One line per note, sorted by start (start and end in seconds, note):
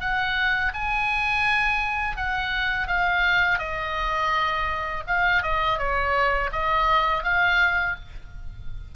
0.00 0.72 F#5
0.74 2.17 G#5
2.17 2.87 F#5
2.87 3.58 F5
3.58 5.03 D#5
5.07 5.42 F5
5.42 5.78 D#5
5.78 6.50 C#5
6.52 7.23 D#5
7.23 7.96 F5